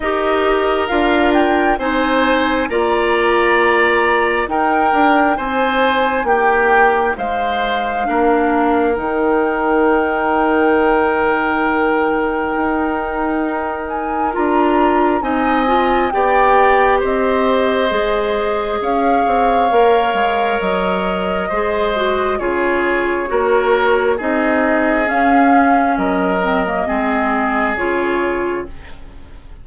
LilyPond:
<<
  \new Staff \with { instrumentName = "flute" } { \time 4/4 \tempo 4 = 67 dis''4 f''8 g''8 gis''4 ais''4~ | ais''4 g''4 gis''4 g''4 | f''2 g''2~ | g''2.~ g''8 gis''8 |
ais''4 gis''4 g''4 dis''4~ | dis''4 f''2 dis''4~ | dis''4 cis''2 dis''4 | f''4 dis''2 cis''4 | }
  \new Staff \with { instrumentName = "oboe" } { \time 4/4 ais'2 c''4 d''4~ | d''4 ais'4 c''4 g'4 | c''4 ais'2.~ | ais'1~ |
ais'4 dis''4 d''4 c''4~ | c''4 cis''2. | c''4 gis'4 ais'4 gis'4~ | gis'4 ais'4 gis'2 | }
  \new Staff \with { instrumentName = "clarinet" } { \time 4/4 g'4 f'4 dis'4 f'4~ | f'4 dis'2.~ | dis'4 d'4 dis'2~ | dis'1 |
f'4 dis'8 f'8 g'2 | gis'2 ais'2 | gis'8 fis'8 f'4 fis'4 dis'4 | cis'4. c'16 ais16 c'4 f'4 | }
  \new Staff \with { instrumentName = "bassoon" } { \time 4/4 dis'4 d'4 c'4 ais4~ | ais4 dis'8 d'8 c'4 ais4 | gis4 ais4 dis2~ | dis2 dis'2 |
d'4 c'4 b4 c'4 | gis4 cis'8 c'8 ais8 gis8 fis4 | gis4 cis4 ais4 c'4 | cis'4 fis4 gis4 cis4 | }
>>